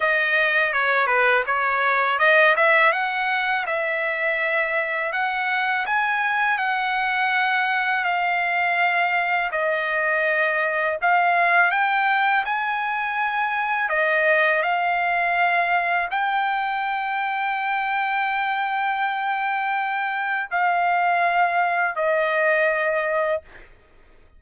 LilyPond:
\new Staff \with { instrumentName = "trumpet" } { \time 4/4 \tempo 4 = 82 dis''4 cis''8 b'8 cis''4 dis''8 e''8 | fis''4 e''2 fis''4 | gis''4 fis''2 f''4~ | f''4 dis''2 f''4 |
g''4 gis''2 dis''4 | f''2 g''2~ | g''1 | f''2 dis''2 | }